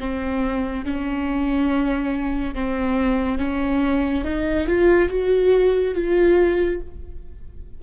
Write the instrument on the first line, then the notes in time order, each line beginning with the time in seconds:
viola
0.00 C4
0.85 C#4
2.55 C4
3.39 C#4
4.25 D#4
4.68 F4
5.09 F#4
5.95 F4